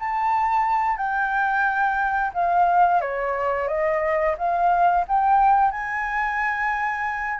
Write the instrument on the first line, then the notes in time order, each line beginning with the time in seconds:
flute
0.00 A5
0.97 G5
2.34 F5
3.01 C#5
3.68 D#5
4.38 F5
5.08 G5
5.72 G#5